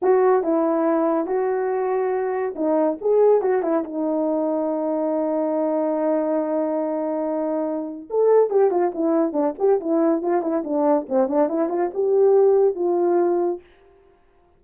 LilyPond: \new Staff \with { instrumentName = "horn" } { \time 4/4 \tempo 4 = 141 fis'4 e'2 fis'4~ | fis'2 dis'4 gis'4 | fis'8 e'8 dis'2.~ | dis'1~ |
dis'2. a'4 | g'8 f'8 e'4 d'8 g'8 e'4 | f'8 e'8 d'4 c'8 d'8 e'8 f'8 | g'2 f'2 | }